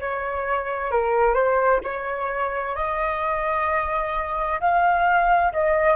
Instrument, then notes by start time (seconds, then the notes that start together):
flute
0.00 C#5
0.91 A#4
1.34 C5
1.83 C#5
2.75 D#5
4.60 F5
5.53 D#5